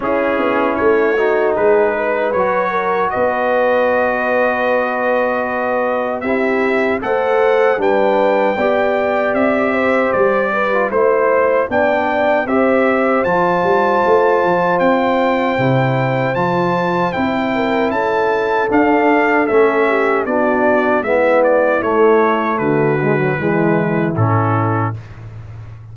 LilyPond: <<
  \new Staff \with { instrumentName = "trumpet" } { \time 4/4 \tempo 4 = 77 gis'4 cis''4 b'4 cis''4 | dis''1 | e''4 fis''4 g''2 | e''4 d''4 c''4 g''4 |
e''4 a''2 g''4~ | g''4 a''4 g''4 a''4 | f''4 e''4 d''4 e''8 d''8 | cis''4 b'2 a'4 | }
  \new Staff \with { instrumentName = "horn" } { \time 4/4 e'4. fis'8 gis'8 b'4 ais'8 | b'1 | g'4 c''4 b'4 d''4~ | d''8 c''4 b'8 c''4 d''4 |
c''1~ | c''2~ c''8 ais'8 a'4~ | a'4. g'8 fis'4 e'4~ | e'4 fis'4 e'2 | }
  \new Staff \with { instrumentName = "trombone" } { \time 4/4 cis'4. dis'4. fis'4~ | fis'1 | e'4 a'4 d'4 g'4~ | g'4.~ g'16 f'16 e'4 d'4 |
g'4 f'2. | e'4 f'4 e'2 | d'4 cis'4 d'4 b4 | a4. gis16 fis16 gis4 cis'4 | }
  \new Staff \with { instrumentName = "tuba" } { \time 4/4 cis'8 b8 a4 gis4 fis4 | b1 | c'4 a4 g4 b4 | c'4 g4 a4 b4 |
c'4 f8 g8 a8 f8 c'4 | c4 f4 c'4 cis'4 | d'4 a4 b4 gis4 | a4 d4 e4 a,4 | }
>>